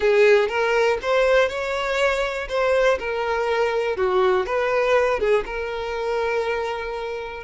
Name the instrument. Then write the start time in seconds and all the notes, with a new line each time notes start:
violin
0.00 G#4
0.48 A#4
1.01 C5
1.49 C#5
2.49 C5
2.99 A#4
3.96 F#4
4.46 B4
5.19 G#4
5.45 A#4